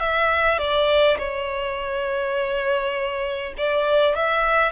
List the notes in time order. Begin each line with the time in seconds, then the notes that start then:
0.00 E5
0.58 D5
1.19 C#5
3.58 D5
4.15 E5